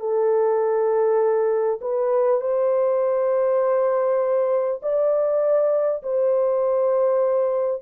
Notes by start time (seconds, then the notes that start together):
0.00 A4
1.82 B4
2.41 C5
4.83 D5
6.03 C5